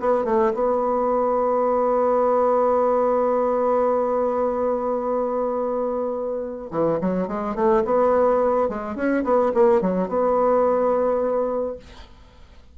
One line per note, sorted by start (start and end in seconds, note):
0.00 0.24 B3
0.24 0.53 A3
0.54 6.71 B3
6.71 6.99 E3
7.01 7.28 F#3
7.28 7.55 G#3
7.55 7.83 A3
7.85 8.69 B3
8.69 8.95 G#3
8.95 9.23 C#4
9.24 9.52 B3
9.54 9.81 A#3
9.81 10.08 F#3
10.08 11.77 B3